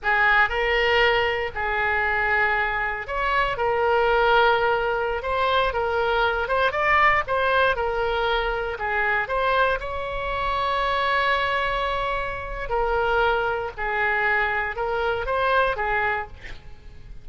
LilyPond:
\new Staff \with { instrumentName = "oboe" } { \time 4/4 \tempo 4 = 118 gis'4 ais'2 gis'4~ | gis'2 cis''4 ais'4~ | ais'2~ ais'16 c''4 ais'8.~ | ais'8. c''8 d''4 c''4 ais'8.~ |
ais'4~ ais'16 gis'4 c''4 cis''8.~ | cis''1~ | cis''4 ais'2 gis'4~ | gis'4 ais'4 c''4 gis'4 | }